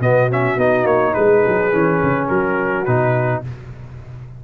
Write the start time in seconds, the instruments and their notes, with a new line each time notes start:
0.00 tuba B2, trombone B3, horn F#4, trumpet D#5
0.31 trombone C#4, trumpet E5
0.57 tuba B3, trombone D#4, trumpet D#5
0.85 tuba A#3, trumpet C#5
1.14 tuba G#3, horn G#4, trumpet B4
1.48 tuba F#3
1.72 tuba E3, trombone C#4
2.03 tuba C#3
2.28 tuba F#3, horn F#4, trumpet A#4
2.85 tuba B2, trombone D#4, trumpet B4